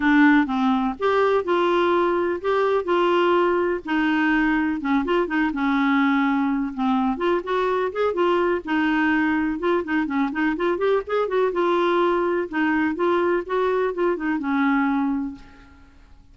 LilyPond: \new Staff \with { instrumentName = "clarinet" } { \time 4/4 \tempo 4 = 125 d'4 c'4 g'4 f'4~ | f'4 g'4 f'2 | dis'2 cis'8 f'8 dis'8 cis'8~ | cis'2 c'4 f'8 fis'8~ |
fis'8 gis'8 f'4 dis'2 | f'8 dis'8 cis'8 dis'8 f'8 g'8 gis'8 fis'8 | f'2 dis'4 f'4 | fis'4 f'8 dis'8 cis'2 | }